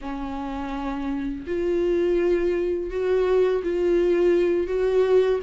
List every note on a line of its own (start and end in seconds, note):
0.01 1.45 C#4
1.46 2.90 F4
2.90 3.62 F#4
3.63 4.67 F4
4.67 5.39 F#4